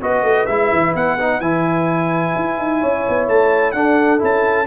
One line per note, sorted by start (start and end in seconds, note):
0.00 0.22 B3
0.00 0.48 F#4
0.00 2.80 B4
0.00 0.46 D#5
0.22 0.46 A3
0.46 0.71 G#3
0.46 1.18 E4
0.46 0.93 E5
0.72 0.94 E3
0.94 1.40 B3
0.94 1.40 F#5
1.18 1.42 D#4
1.40 2.34 E3
1.40 3.75 E4
1.40 3.28 G#5
2.35 2.59 E4
2.59 2.82 D#4
2.80 3.06 C#4
2.80 3.74 C#5
3.09 3.28 B3
3.28 3.74 A3
3.28 3.72 A5
3.72 4.20 D4
3.72 4.19 D4
3.72 4.66 A4
3.72 4.18 F#5
4.19 4.66 C#4
4.19 4.65 E4
4.19 4.66 A5